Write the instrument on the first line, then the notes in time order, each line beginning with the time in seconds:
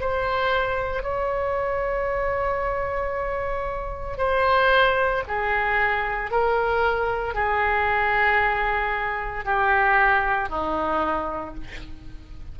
oboe
0.00 C5
1.03 C#5
4.18 C5
5.28 G#4
6.31 A#4
7.34 G#4
9.45 G4
10.49 D#4